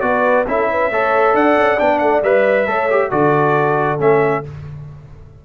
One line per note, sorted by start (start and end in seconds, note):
0.00 0.46 B3
0.00 0.45 F#4
0.00 0.48 B4
0.00 0.44 D5
0.47 0.91 C#4
0.47 0.91 E4
0.47 0.70 A4
0.47 1.35 E5
0.71 0.91 B4
0.91 1.34 A3
0.91 1.78 A4
0.91 1.35 C#5
1.34 1.56 D4
1.34 2.67 D5
1.34 1.79 F#5
1.57 1.79 C#4
1.78 2.01 B3
1.78 2.22 D4
1.78 1.99 G5
1.99 2.22 A3
1.99 2.21 F#5
2.22 2.66 G3
2.22 2.67 B4
2.22 3.10 E5
2.67 3.11 A3
2.67 2.89 A4
2.67 3.09 C#5
2.90 3.11 G4
3.09 3.99 D3
3.09 3.99 F#4
3.09 4.41 A4
3.09 3.99 D5
3.99 4.43 A3
3.99 4.43 C#4
3.99 4.45 E5